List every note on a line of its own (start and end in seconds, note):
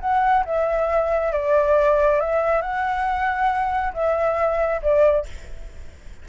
0.00 0.44 F#5
0.45 1.32 E5
1.32 2.20 D5
2.20 2.61 E5
2.61 3.93 F#5
3.93 4.81 E5
4.82 5.25 D5